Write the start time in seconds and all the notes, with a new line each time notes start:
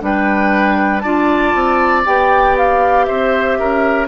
0.00 G3 D4 B4 G5
1.00 D4 F4 D5 A5
1.55 C4
2.05 B3 G4 G5
2.58 F5
3.06 C4 C5 E5
3.60 C#4 A#4